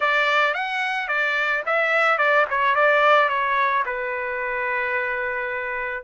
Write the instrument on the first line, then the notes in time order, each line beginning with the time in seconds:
trumpet
0.00 D5
0.54 F#5
1.08 D5
1.65 E5
2.18 D5
2.49 C#5
2.75 D5
3.28 C#5
3.85 B4